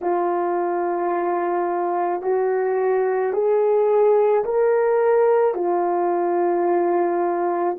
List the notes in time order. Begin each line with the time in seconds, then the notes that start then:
0.01 F4
2.22 F#4
3.32 G#4
4.44 A#4
5.54 F4